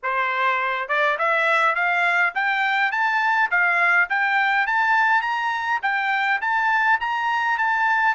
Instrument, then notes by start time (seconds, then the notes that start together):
trumpet
0.02 C5
0.88 D5
1.18 E5
1.75 F5
2.34 G5
2.91 A5
3.50 F5
4.09 G5
4.67 A5
5.21 A#5
5.82 G5
6.41 A5
7.00 A#5
7.58 A5